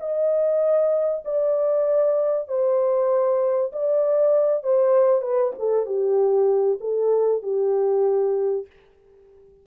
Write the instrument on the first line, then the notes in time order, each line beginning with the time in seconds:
horn
0.00 D#5
1.25 D5
2.48 C5
3.73 D5
4.63 C5
5.22 B4
5.59 A4
5.86 G4
6.81 A4
7.43 G4